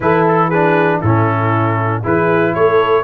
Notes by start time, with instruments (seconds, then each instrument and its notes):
0.00 tuba E3, trombone E4, horn A4, trumpet B4
0.28 trumpet A4
0.48 trombone D4, horn G#4, trumpet B4
0.99 tuba A2, trombone C#4, horn E4, trumpet A4
2.02 tuba E3, trombone E4, horn G#4, trumpet B4
2.54 tuba A3, horn A4, trumpet C#5